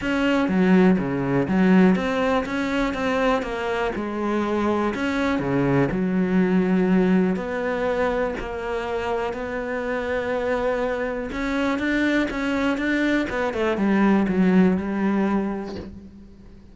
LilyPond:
\new Staff \with { instrumentName = "cello" } { \time 4/4 \tempo 4 = 122 cis'4 fis4 cis4 fis4 | c'4 cis'4 c'4 ais4 | gis2 cis'4 cis4 | fis2. b4~ |
b4 ais2 b4~ | b2. cis'4 | d'4 cis'4 d'4 b8 a8 | g4 fis4 g2 | }